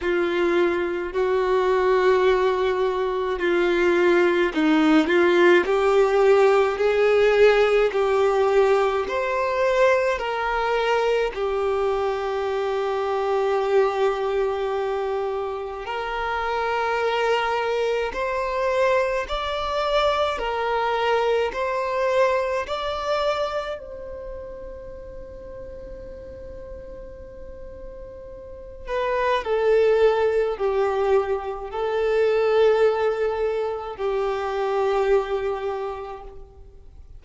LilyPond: \new Staff \with { instrumentName = "violin" } { \time 4/4 \tempo 4 = 53 f'4 fis'2 f'4 | dis'8 f'8 g'4 gis'4 g'4 | c''4 ais'4 g'2~ | g'2 ais'2 |
c''4 d''4 ais'4 c''4 | d''4 c''2.~ | c''4. b'8 a'4 g'4 | a'2 g'2 | }